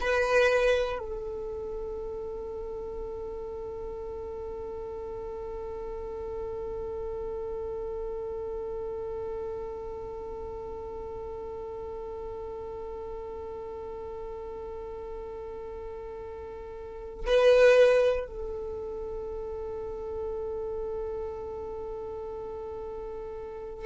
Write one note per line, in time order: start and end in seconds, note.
0.00 0.98 B4
0.98 17.26 A4
17.26 18.26 B4
18.26 23.85 A4